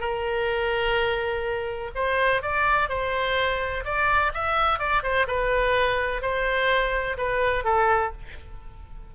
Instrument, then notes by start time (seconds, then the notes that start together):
oboe
0.00 A#4
1.95 C5
2.42 D5
2.89 C5
3.84 D5
4.34 E5
4.79 D5
5.03 C5
5.27 B4
6.22 C5
7.17 B4
7.64 A4